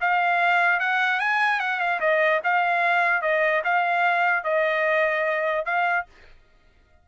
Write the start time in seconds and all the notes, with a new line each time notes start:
0.00 F5
0.79 F#5
1.19 G#5
1.59 F#5
1.79 F5
2.00 D#5
2.43 F5
3.21 D#5
3.64 F5
4.43 D#5
5.65 F5